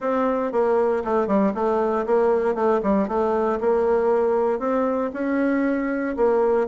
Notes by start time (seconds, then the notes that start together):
0.00 C4
0.52 A#3
1.04 A3
1.27 G3
1.54 A3
2.06 A#3
2.55 A3
2.83 G3
3.07 A3
3.60 A#3
4.59 C4
5.13 C#4
6.16 A#3